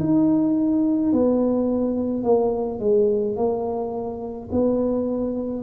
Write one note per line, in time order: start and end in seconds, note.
0.00 1.13 D#4
1.13 2.23 B3
2.23 2.79 A#3
2.79 3.36 G#3
3.36 4.49 A#3
4.52 5.63 B3